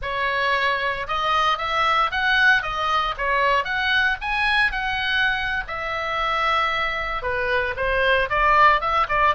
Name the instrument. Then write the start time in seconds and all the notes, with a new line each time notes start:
oboe
0.01 C#5
1.07 D#5
1.58 E5
2.11 F#5
2.62 D#5
3.17 C#5
3.64 F#5
4.21 G#5
4.71 F#5
5.67 E5
7.22 B4
7.76 C5
8.29 D5
8.80 E5
9.08 D5